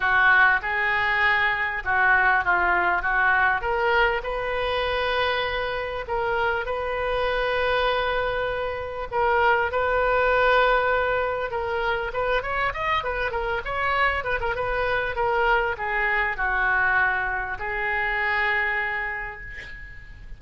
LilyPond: \new Staff \with { instrumentName = "oboe" } { \time 4/4 \tempo 4 = 99 fis'4 gis'2 fis'4 | f'4 fis'4 ais'4 b'4~ | b'2 ais'4 b'4~ | b'2. ais'4 |
b'2. ais'4 | b'8 cis''8 dis''8 b'8 ais'8 cis''4 b'16 ais'16 | b'4 ais'4 gis'4 fis'4~ | fis'4 gis'2. | }